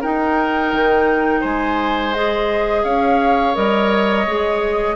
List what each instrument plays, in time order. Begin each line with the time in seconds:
0.00 clarinet D#4, bassoon D#4, oboe A#4, flute G5
0.72 bassoon D#3
1.40 bassoon G#3, oboe C5, flute G#5
2.13 clarinet G#4, flute D#5
2.83 bassoon C#4, oboe C#5, flute F5
3.54 bassoon G3, clarinet A#4, flute D#5
4.26 bassoon G#3, clarinet G#4